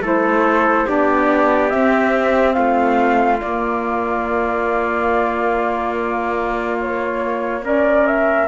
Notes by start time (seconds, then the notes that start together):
0.00 A3 E4 A4 C5
0.86 B3 D4 G4 D5
1.69 C4 E5
2.53 A3 F4 F5
3.40 A#3 D5
6.80 C#5
7.62 C#4 A#4 D5
8.07 E5